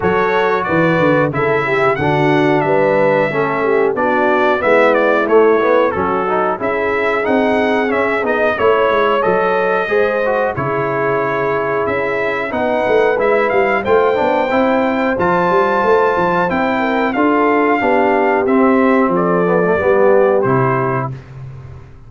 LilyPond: <<
  \new Staff \with { instrumentName = "trumpet" } { \time 4/4 \tempo 4 = 91 cis''4 d''4 e''4 fis''4 | e''2 d''4 e''8 d''8 | cis''4 a'4 e''4 fis''4 | e''8 dis''8 cis''4 dis''2 |
cis''2 e''4 fis''4 | e''8 f''8 g''2 a''4~ | a''4 g''4 f''2 | e''4 d''2 c''4 | }
  \new Staff \with { instrumentName = "horn" } { \time 4/4 a'4 b'4 a'8 g'8 fis'4 | b'4 a'8 g'8 fis'4 e'4~ | e'4 fis'4 gis'2~ | gis'4 cis''2 c''4 |
gis'2. b'4~ | b'4 c''2.~ | c''4. ais'8 a'4 g'4~ | g'4 a'4 g'2 | }
  \new Staff \with { instrumentName = "trombone" } { \time 4/4 fis'2 e'4 d'4~ | d'4 cis'4 d'4 b4 | a8 b8 cis'8 dis'8 e'4 dis'4 | cis'8 dis'8 e'4 a'4 gis'8 fis'8 |
e'2. dis'4 | e'4 f'8 d'8 e'4 f'4~ | f'4 e'4 f'4 d'4 | c'4. b16 a16 b4 e'4 | }
  \new Staff \with { instrumentName = "tuba" } { \time 4/4 fis4 e8 d8 cis4 d4 | g4 a4 b4 gis4 | a4 fis4 cis'4 c'4 | cis'8 b8 a8 gis8 fis4 gis4 |
cis2 cis'4 b8 a8 | gis8 g8 a8 b8 c'4 f8 g8 | a8 f8 c'4 d'4 b4 | c'4 f4 g4 c4 | }
>>